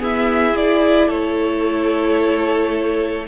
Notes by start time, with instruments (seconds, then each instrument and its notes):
0.00 viola B3, cello E4, violin G#4 E5
0.53 viola E4, violin D5
1.08 cello A3, violin A4 C#5